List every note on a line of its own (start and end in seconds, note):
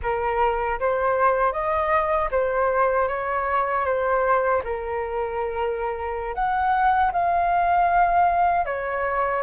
0.02 0.79 A#4
0.79 1.52 C5
1.52 2.29 D#5
2.31 3.08 C5
3.08 3.85 C#5
3.85 4.62 C5
4.64 6.34 A#4
6.34 7.11 F#5
7.12 8.65 F5
8.65 9.42 C#5